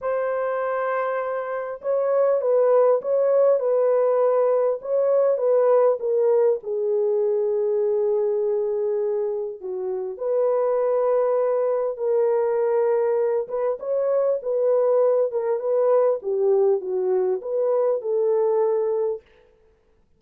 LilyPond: \new Staff \with { instrumentName = "horn" } { \time 4/4 \tempo 4 = 100 c''2. cis''4 | b'4 cis''4 b'2 | cis''4 b'4 ais'4 gis'4~ | gis'1 |
fis'4 b'2. | ais'2~ ais'8 b'8 cis''4 | b'4. ais'8 b'4 g'4 | fis'4 b'4 a'2 | }